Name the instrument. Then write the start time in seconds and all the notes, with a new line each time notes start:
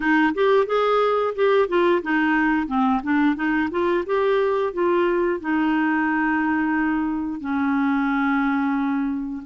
clarinet
0.00 D#4
0.34 G4
0.66 G#4
1.35 G4
1.68 F4
2.02 D#4
2.67 C4
3.03 D4
3.35 D#4
3.70 F4
4.06 G4
4.73 F4
5.40 D#4
7.40 C#4